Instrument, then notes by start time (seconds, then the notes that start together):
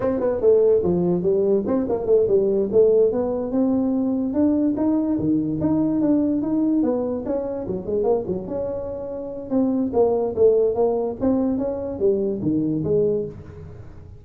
tuba
0.00 C4
0.20 B3
0.40 A3
0.83 F3
1.22 G3
1.66 C4
1.88 A#3
2.06 A3
2.28 G3
2.72 A3
3.12 B3
3.51 C4
4.33 D4
4.77 D#4
5.18 D#3
5.60 D#4
6.01 D4
6.42 D#4
6.83 B3
7.25 C#4
7.67 F#3
7.86 G#3
8.03 A#3
8.27 F#3
8.47 C#4
9.50 C4
9.93 A#3
10.35 A3
10.74 A#3
11.20 C4
11.57 C#4
11.99 G3
12.42 D#3
12.84 G#3